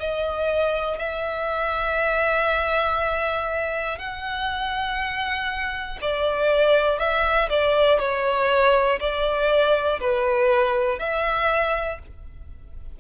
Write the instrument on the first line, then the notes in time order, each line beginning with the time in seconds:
violin
0.00 D#5
0.99 E5
3.99 F#5
6.02 D5
6.99 E5
7.50 D5
8.00 C#5
9.00 D5
10.00 B4
11.00 E5